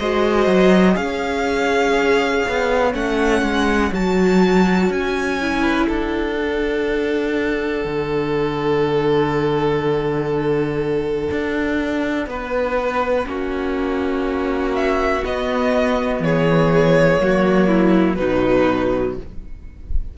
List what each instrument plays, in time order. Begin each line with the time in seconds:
0.00 cello G#3, viola F#4, violin C5 D#5
0.47 cello F#3
0.95 cello C#4, viola G#4, violin C#5 F5
2.49 cello B3
2.93 cello A3, viola C#4, violin F#5
3.42 cello G#3
3.93 cello F#3, viola F#4, violin A5
4.90 cello C#4, violin G#5
5.41 viola E4
5.62 violin B4
5.88 cello D4, violin A4 F#5
6.37 viola D4
7.85 cello D3
11.32 cello D4
12.27 cello B3, violin B4
13.25 cello A#3, viola C#4, violin F#4
14.75 violin E5
15.23 viola B3, cello B3, violin D#5
16.20 cello E3, violin G#4 C#5
17.20 cello F#3, viola A#3, violin F#4
17.68 violin E4
18.16 cello B2, viola F#3, violin D#4 B4